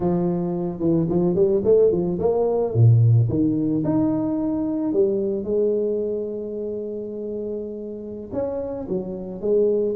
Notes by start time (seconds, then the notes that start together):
0.00 F3
0.79 E3
1.08 F3
1.35 G3
1.64 A3
1.91 F3
2.19 A#3
2.74 A#2
3.29 D#3
3.84 D#4
4.92 G3
5.44 G#3
8.32 C#4
8.88 F#3
9.41 G#3